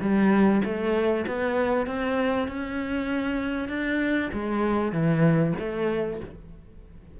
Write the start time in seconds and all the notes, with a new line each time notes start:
0.00 G3
0.64 A3
1.27 B3
1.86 C4
2.47 C#4
3.68 D4
4.32 G#3
4.92 E3
5.59 A3